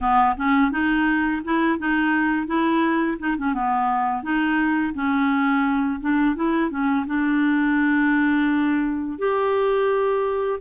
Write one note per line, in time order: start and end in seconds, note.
0.00 0.36 B3
0.36 0.71 C#4
0.71 1.41 D#4
1.44 1.78 E4
1.78 2.46 D#4
2.46 3.17 E4
3.19 3.37 D#4
3.37 3.54 C#4
3.54 4.23 B3
4.23 4.93 D#4
4.94 6.00 C#4
6.00 6.35 D4
6.35 6.70 E4
6.70 7.05 C#4
7.06 9.18 D4
9.18 10.59 G4